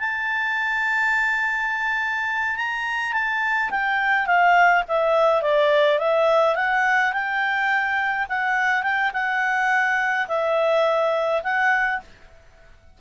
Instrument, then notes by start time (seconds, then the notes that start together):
clarinet
0.00 A5
2.57 A#5
3.13 A5
3.71 G5
4.27 F5
4.88 E5
5.43 D5
5.99 E5
6.56 F#5
7.13 G5
8.29 F#5
8.83 G5
9.14 F#5
10.29 E5
11.44 F#5